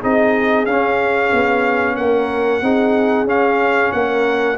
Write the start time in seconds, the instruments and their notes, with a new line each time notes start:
0.00 tuba C4, trombone D#4, horn G#4, trumpet D#5
0.66 tuba C#4, trombone C#4, trumpet F5
1.32 tuba B3
1.96 tuba A#3, horn A#4, trumpet F#5
2.62 tuba C4, trombone D#4, horn G#4
3.25 tuba C#4, trombone C#4, trumpet F5
3.92 tuba A#3, horn A#4, trumpet F#5